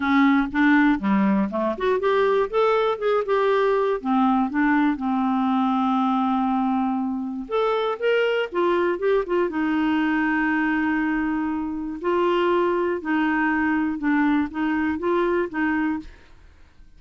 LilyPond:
\new Staff \with { instrumentName = "clarinet" } { \time 4/4 \tempo 4 = 120 cis'4 d'4 g4 a8 fis'8 | g'4 a'4 gis'8 g'4. | c'4 d'4 c'2~ | c'2. a'4 |
ais'4 f'4 g'8 f'8 dis'4~ | dis'1 | f'2 dis'2 | d'4 dis'4 f'4 dis'4 | }